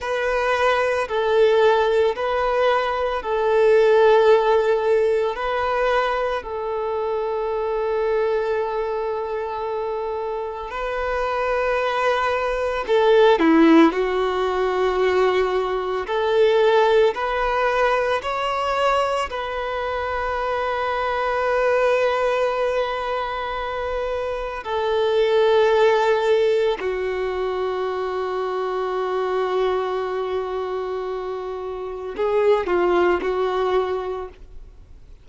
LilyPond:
\new Staff \with { instrumentName = "violin" } { \time 4/4 \tempo 4 = 56 b'4 a'4 b'4 a'4~ | a'4 b'4 a'2~ | a'2 b'2 | a'8 e'8 fis'2 a'4 |
b'4 cis''4 b'2~ | b'2. a'4~ | a'4 fis'2.~ | fis'2 gis'8 f'8 fis'4 | }